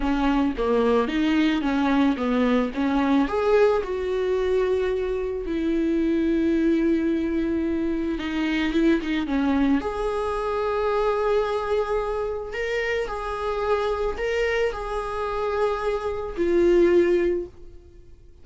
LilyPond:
\new Staff \with { instrumentName = "viola" } { \time 4/4 \tempo 4 = 110 cis'4 ais4 dis'4 cis'4 | b4 cis'4 gis'4 fis'4~ | fis'2 e'2~ | e'2. dis'4 |
e'8 dis'8 cis'4 gis'2~ | gis'2. ais'4 | gis'2 ais'4 gis'4~ | gis'2 f'2 | }